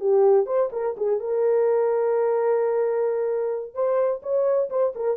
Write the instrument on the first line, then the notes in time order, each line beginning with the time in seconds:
horn
0.00 G4
0.46 C5
0.72 A#4
0.97 G#4
1.20 A#4
3.74 C5
4.23 C#5
4.70 C5
4.96 A#4